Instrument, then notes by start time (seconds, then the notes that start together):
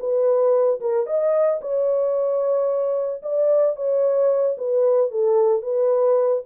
horn
0.00 B4
0.80 A#4
1.07 D#5
1.61 C#5
3.23 D5
3.76 C#5
4.58 B4
5.11 A4
5.62 B4